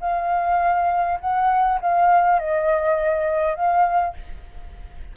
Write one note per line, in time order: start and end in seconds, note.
0.00 1.19 F5
1.20 1.79 F#5
1.80 2.39 F5
2.39 3.55 D#5
3.55 4.14 F5